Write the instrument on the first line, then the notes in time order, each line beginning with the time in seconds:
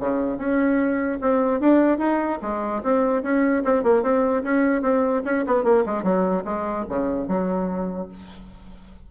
bassoon
0.00 C#3
0.38 C#4
1.21 C4
1.61 D4
1.99 D#4
2.42 G#3
2.83 C4
3.23 C#4
3.65 C4
3.84 A#3
4.03 C4
4.44 C#4
4.82 C4
5.25 C#4
5.47 B3
5.64 A#3
5.86 G#3
6.03 F#3
6.45 G#3
6.89 C#3
7.28 F#3